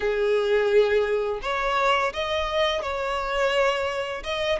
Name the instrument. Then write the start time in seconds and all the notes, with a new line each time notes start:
violin
0.00 G#4
1.42 C#5
2.13 D#5
2.82 C#5
4.23 D#5